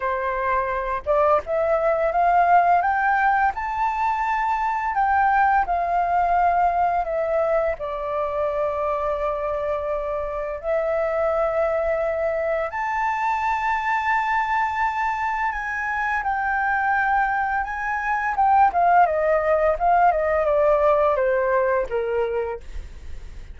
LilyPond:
\new Staff \with { instrumentName = "flute" } { \time 4/4 \tempo 4 = 85 c''4. d''8 e''4 f''4 | g''4 a''2 g''4 | f''2 e''4 d''4~ | d''2. e''4~ |
e''2 a''2~ | a''2 gis''4 g''4~ | g''4 gis''4 g''8 f''8 dis''4 | f''8 dis''8 d''4 c''4 ais'4 | }